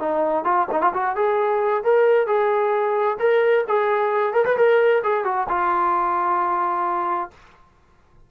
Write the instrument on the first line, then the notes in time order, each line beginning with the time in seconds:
trombone
0.00 D#4
0.45 F4
0.72 D#4
0.82 F4
0.94 F#4
1.16 G#4
1.84 A#4
2.27 G#4
3.20 A#4
3.68 G#4
4.34 A#4
4.45 B4
4.57 A#4
5.04 G#4
5.25 F#4
5.49 F4